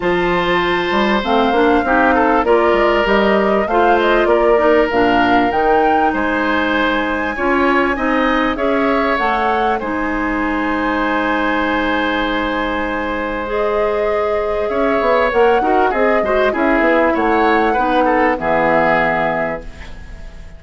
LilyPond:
<<
  \new Staff \with { instrumentName = "flute" } { \time 4/4 \tempo 4 = 98 a''2 f''2 | d''4 dis''4 f''8 dis''8 d''4 | f''4 g''4 gis''2~ | gis''2 e''4 fis''4 |
gis''1~ | gis''2 dis''2 | e''4 fis''4 dis''4 e''4 | fis''2 e''2 | }
  \new Staff \with { instrumentName = "oboe" } { \time 4/4 c''2. g'8 a'8 | ais'2 c''4 ais'4~ | ais'2 c''2 | cis''4 dis''4 cis''2 |
c''1~ | c''1 | cis''4. ais'8 gis'8 c''8 gis'4 | cis''4 b'8 a'8 gis'2 | }
  \new Staff \with { instrumentName = "clarinet" } { \time 4/4 f'2 c'8 d'8 dis'4 | f'4 g'4 f'4. dis'8 | d'4 dis'2. | f'4 dis'4 gis'4 a'4 |
dis'1~ | dis'2 gis'2~ | gis'4 ais'8 fis'8 gis'8 fis'8 e'4~ | e'4 dis'4 b2 | }
  \new Staff \with { instrumentName = "bassoon" } { \time 4/4 f4. g8 a8 ais8 c'4 | ais8 gis8 g4 a4 ais4 | ais,4 dis4 gis2 | cis'4 c'4 cis'4 a4 |
gis1~ | gis1 | cis'8 b8 ais8 dis'8 c'8 gis8 cis'8 b8 | a4 b4 e2 | }
>>